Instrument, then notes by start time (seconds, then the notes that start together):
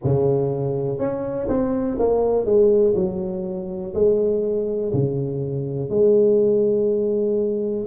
tuba
0.04 C#3
0.98 C#4
1.48 C4
1.99 A#3
2.45 G#3
2.95 F#3
3.94 G#3
4.93 C#3
5.89 G#3